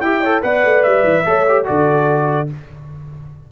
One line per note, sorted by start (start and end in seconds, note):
0.00 0.42 E4
0.00 0.24 G4
0.00 0.21 E5
0.00 0.41 G5
0.21 0.42 A4
0.21 0.41 C#5
0.42 0.64 B3
0.42 1.24 B4
0.42 1.26 D5
0.42 0.82 F#5
0.64 0.85 A3
0.82 1.03 G3
0.82 1.65 E5
1.03 1.24 E3
1.25 1.67 A3
1.25 1.46 A4
1.25 1.67 C#5
1.48 1.64 G4
1.64 2.51 D3
1.64 2.46 F#4
1.64 2.50 A4
1.64 2.49 D5